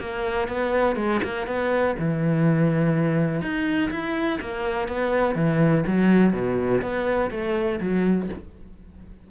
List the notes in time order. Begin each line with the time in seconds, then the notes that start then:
0.00 A#3
0.48 B3
0.96 G#3
1.24 A#3
1.47 B3
1.99 E3
3.42 D#4
3.91 E4
4.41 A#3
4.88 B3
5.35 E3
5.87 F#3
6.33 B2
6.82 B3
7.31 A3
7.80 F#3